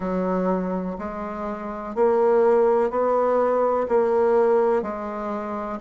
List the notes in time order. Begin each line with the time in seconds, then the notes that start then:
0.00 F#3
0.98 G#3
1.95 A#3
2.90 B3
3.88 A#3
4.82 G#3